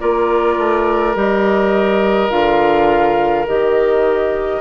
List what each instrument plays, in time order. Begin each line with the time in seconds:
0.00 bassoon A#3, clarinet F4, oboe A#4, flute D5
0.58 bassoon A3
1.15 bassoon G3, clarinet G4, flute D#5
2.30 bassoon D3, clarinet F4, flute F5
3.48 bassoon D#3, clarinet G4, flute D#5